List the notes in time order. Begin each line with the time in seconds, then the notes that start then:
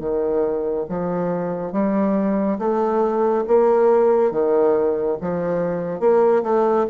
0.00 D#3
0.90 F3
1.73 G3
2.59 A3
3.48 A#3
4.32 D#3
5.21 F3
6.00 A#3
6.44 A3